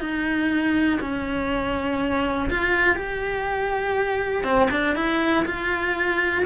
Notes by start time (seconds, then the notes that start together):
0.00 D#4
1.01 C#4
2.50 F4
2.95 G4
4.44 C4
4.70 D4
4.95 E4
5.45 F4